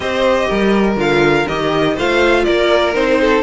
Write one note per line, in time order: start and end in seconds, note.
0.00 0.46 C4
0.00 0.97 G4
0.00 0.48 C5
0.00 0.97 D#5
0.48 0.96 G3
0.48 1.94 A#4
0.96 1.45 D3
0.96 1.46 F4
0.96 1.47 F5
1.47 1.97 D#3
1.47 1.98 G4
1.47 1.96 D#5
1.94 2.46 A3
1.94 2.93 F4
1.94 2.43 C5
1.94 2.44 F5
2.44 2.95 A#3
2.44 3.20 A#4
2.44 2.93 D5
2.93 3.42 C4
2.93 3.42 D#4
2.93 3.42 C5
3.20 3.42 A4